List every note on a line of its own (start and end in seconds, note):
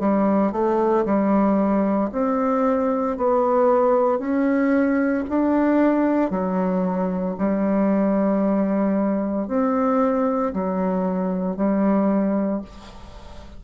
0.00 0.53 G3
0.53 1.05 A3
1.05 2.11 G3
2.12 3.18 C4
3.18 4.19 B3
4.19 5.24 C#4
5.30 6.31 D4
6.31 7.36 F#3
7.38 9.48 G3
9.48 10.53 C4
10.54 11.57 F#3
11.57 12.62 G3